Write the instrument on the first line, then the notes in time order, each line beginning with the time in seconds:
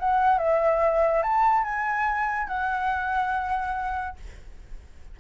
flute
0.00 F#5
0.39 E5
1.23 A5
1.64 G#5
2.48 F#5